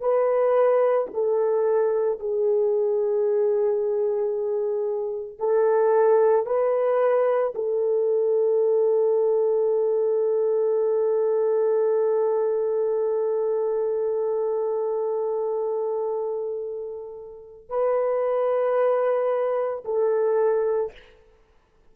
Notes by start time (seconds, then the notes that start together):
0.00 B4
1.13 A4
2.20 G#4
5.39 A4
6.46 B4
7.54 A4
17.69 B4
19.85 A4